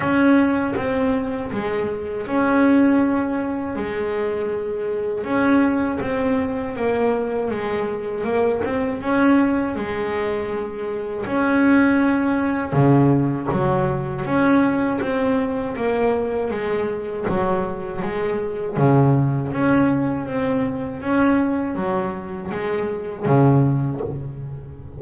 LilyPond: \new Staff \with { instrumentName = "double bass" } { \time 4/4 \tempo 4 = 80 cis'4 c'4 gis4 cis'4~ | cis'4 gis2 cis'4 | c'4 ais4 gis4 ais8 c'8 | cis'4 gis2 cis'4~ |
cis'4 cis4 fis4 cis'4 | c'4 ais4 gis4 fis4 | gis4 cis4 cis'4 c'4 | cis'4 fis4 gis4 cis4 | }